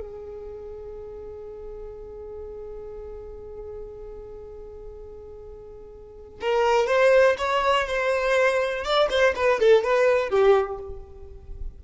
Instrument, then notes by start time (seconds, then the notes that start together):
violin
0.00 G#4
6.40 A#4
6.87 C5
7.37 C#5
7.87 C5
8.84 D5
9.09 C5
9.35 B4
9.59 A4
9.83 B4
10.29 G4